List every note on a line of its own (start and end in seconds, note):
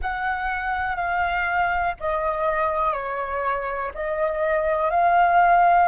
0.01 0.96 F#5
0.96 1.94 F5
2.00 2.93 D#5
2.93 3.91 C#5
3.94 4.90 D#5
4.90 5.88 F5